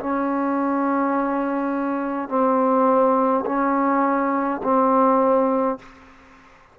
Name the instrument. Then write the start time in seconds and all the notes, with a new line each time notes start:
trombone
0.00 C#4
2.29 C4
3.46 C#4
4.64 C4